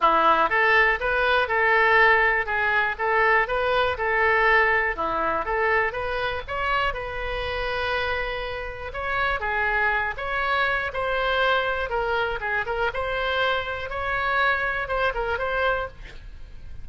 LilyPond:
\new Staff \with { instrumentName = "oboe" } { \time 4/4 \tempo 4 = 121 e'4 a'4 b'4 a'4~ | a'4 gis'4 a'4 b'4 | a'2 e'4 a'4 | b'4 cis''4 b'2~ |
b'2 cis''4 gis'4~ | gis'8 cis''4. c''2 | ais'4 gis'8 ais'8 c''2 | cis''2 c''8 ais'8 c''4 | }